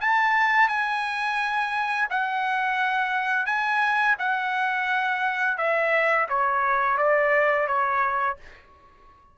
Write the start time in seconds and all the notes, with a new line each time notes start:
0.00 A5
0.68 G#5
2.10 F#5
3.46 G#5
4.19 F#5
5.57 E5
6.28 C#5
6.97 D5
7.67 C#5